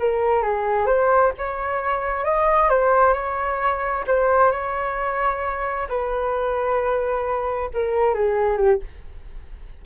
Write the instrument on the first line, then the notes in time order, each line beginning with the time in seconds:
flute
0.00 A#4
0.43 G#4
0.87 C5
1.38 C#5
2.25 D#5
2.70 C5
3.14 C#5
4.07 C5
4.52 C#5
5.89 B4
7.74 A#4
8.14 G#4
8.57 G4